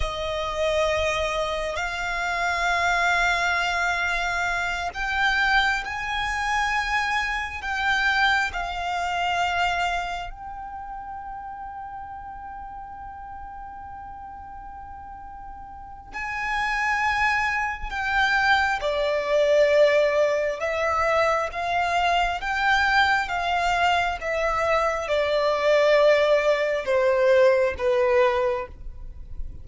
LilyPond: \new Staff \with { instrumentName = "violin" } { \time 4/4 \tempo 4 = 67 dis''2 f''2~ | f''4. g''4 gis''4.~ | gis''8 g''4 f''2 g''8~ | g''1~ |
g''2 gis''2 | g''4 d''2 e''4 | f''4 g''4 f''4 e''4 | d''2 c''4 b'4 | }